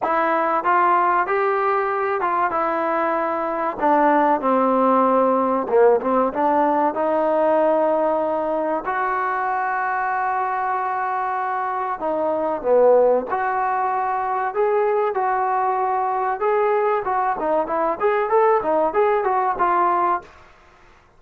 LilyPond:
\new Staff \with { instrumentName = "trombone" } { \time 4/4 \tempo 4 = 95 e'4 f'4 g'4. f'8 | e'2 d'4 c'4~ | c'4 ais8 c'8 d'4 dis'4~ | dis'2 fis'2~ |
fis'2. dis'4 | b4 fis'2 gis'4 | fis'2 gis'4 fis'8 dis'8 | e'8 gis'8 a'8 dis'8 gis'8 fis'8 f'4 | }